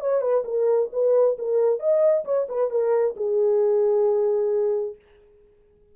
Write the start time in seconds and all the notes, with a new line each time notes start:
0.00 C#5
0.21 B4
0.44 A#4
0.92 B4
1.38 A#4
1.79 D#5
2.24 C#5
2.49 B4
2.70 A#4
3.16 G#4